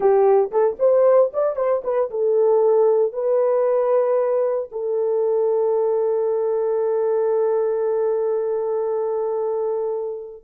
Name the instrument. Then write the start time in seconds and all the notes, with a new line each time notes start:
horn
0.00 G4
0.51 A4
0.79 C5
1.33 D5
1.56 C5
1.84 B4
2.10 A4
3.12 B4
4.71 A4